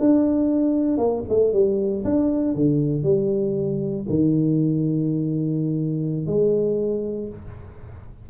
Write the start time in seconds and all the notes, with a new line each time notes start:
0.00 D4
0.98 A#3
1.29 A3
1.53 G3
2.05 D4
2.55 D3
3.04 G3
4.10 D#3
6.27 G#3